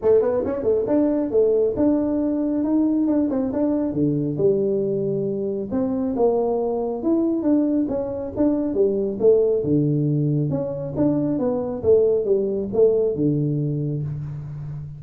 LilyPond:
\new Staff \with { instrumentName = "tuba" } { \time 4/4 \tempo 4 = 137 a8 b8 cis'8 a8 d'4 a4 | d'2 dis'4 d'8 c'8 | d'4 d4 g2~ | g4 c'4 ais2 |
e'4 d'4 cis'4 d'4 | g4 a4 d2 | cis'4 d'4 b4 a4 | g4 a4 d2 | }